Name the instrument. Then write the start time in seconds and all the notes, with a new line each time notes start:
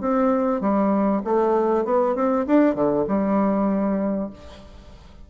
bassoon
0.00 C4
0.61 G3
1.24 A3
1.85 B3
2.15 C4
2.47 D4
2.75 D3
3.08 G3